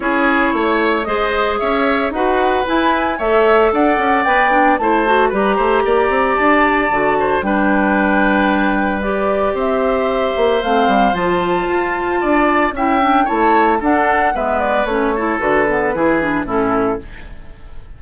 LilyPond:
<<
  \new Staff \with { instrumentName = "flute" } { \time 4/4 \tempo 4 = 113 cis''2 dis''4 e''4 | fis''4 gis''4 e''4 fis''4 | g''4 a''4 ais''2 | a''2 g''2~ |
g''4 d''4 e''2 | f''4 a''2. | g''4 a''4 fis''4 e''8 d''8 | cis''4 b'2 a'4 | }
  \new Staff \with { instrumentName = "oboe" } { \time 4/4 gis'4 cis''4 c''4 cis''4 | b'2 cis''4 d''4~ | d''4 c''4 b'8 c''8 d''4~ | d''4. c''8 b'2~ |
b'2 c''2~ | c''2. d''4 | e''4 cis''4 a'4 b'4~ | b'8 a'4. gis'4 e'4 | }
  \new Staff \with { instrumentName = "clarinet" } { \time 4/4 e'2 gis'2 | fis'4 e'4 a'2 | b'8 d'8 e'8 fis'8 g'2~ | g'4 fis'4 d'2~ |
d'4 g'2. | c'4 f'2. | e'8 d'8 e'4 d'4 b4 | cis'8 e'8 fis'8 b8 e'8 d'8 cis'4 | }
  \new Staff \with { instrumentName = "bassoon" } { \time 4/4 cis'4 a4 gis4 cis'4 | dis'4 e'4 a4 d'8 cis'8 | b4 a4 g8 a8 ais8 c'8 | d'4 d4 g2~ |
g2 c'4. ais8 | a8 g8 f4 f'4 d'4 | cis'4 a4 d'4 gis4 | a4 d4 e4 a,4 | }
>>